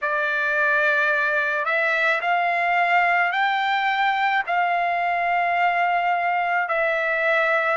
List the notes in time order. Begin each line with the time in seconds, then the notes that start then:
0.02 D5
1.65 E5
2.21 F5
3.32 G5
4.46 F5
6.68 E5